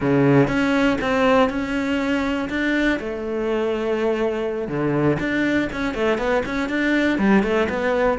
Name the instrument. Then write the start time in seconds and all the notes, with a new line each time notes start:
cello
0.00 C#3
0.47 C#4
1.01 C4
1.49 C#4
2.49 D4
2.99 A3
4.67 D3
5.19 D4
5.72 C#4
5.94 A3
6.18 B3
6.45 C#4
6.69 D4
7.18 G3
7.43 A3
7.69 B3